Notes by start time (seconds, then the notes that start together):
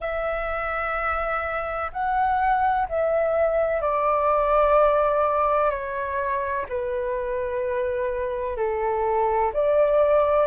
0.00 E5
1.92 F#5
2.88 E5
3.81 D5
5.70 C#5
6.68 B4
8.56 A4
9.53 D5